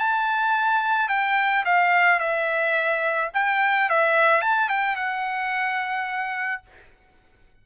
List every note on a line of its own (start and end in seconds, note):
0.00 1.09 A5
1.09 1.65 G5
1.65 2.20 F5
2.20 3.31 E5
3.34 3.90 G5
3.90 4.42 E5
4.42 4.69 A5
4.69 4.96 G5
4.96 6.63 F#5